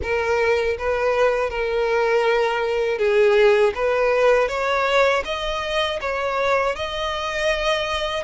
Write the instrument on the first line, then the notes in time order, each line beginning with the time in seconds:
violin
0.02 A#4
0.78 B4
1.50 A#4
2.98 G#4
3.75 B4
4.48 C#5
5.24 D#5
6.00 C#5
6.75 D#5